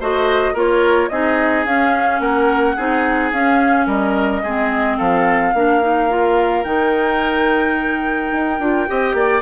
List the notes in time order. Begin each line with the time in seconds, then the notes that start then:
0.00 A3 F#4 C5 D#5
0.54 A#3 F4 A#4 C#5
1.09 C4 D#4 G#4 D#5
1.65 C#4 F5
2.20 A#3 A#4 F#5
2.76 C4 D#4 G#4
3.32 C#4 F5
3.86 G3 A#4 D#5
4.43 G#3 C4 G#4
4.97 F3 A4 F5
5.53 A#3 D4 A#4
5.81 D#4
6.09 F4
6.64 D#3 D#4 G5
8.32 D#4
8.59 D4 F4
8.87 C4 G4 D#5
9.14 A#3 D5